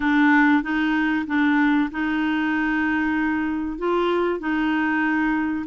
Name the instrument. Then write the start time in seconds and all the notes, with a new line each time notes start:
clarinet
0.00 D4
0.62 D#4
1.26 D4
1.91 D#4
3.78 F4
4.39 D#4